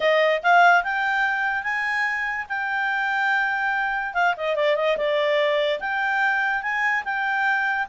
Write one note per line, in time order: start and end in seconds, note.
0.00 0.42 D#5
0.42 0.83 F5
0.83 1.63 G5
1.63 2.46 G#5
2.48 4.14 G5
4.14 4.34 F5
4.36 4.55 D#5
4.55 4.76 D5
4.76 4.97 D#5
4.97 5.79 D5
5.79 6.62 G5
6.62 7.03 G#5
7.04 7.87 G5